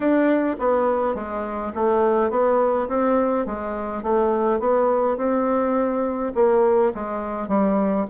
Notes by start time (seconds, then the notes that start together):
0.00 D4
0.59 B3
1.14 G#3
1.74 A3
2.30 B3
2.88 C4
3.46 G#3
4.02 A3
4.59 B3
5.17 C4
6.35 A#3
6.94 G#3
7.48 G3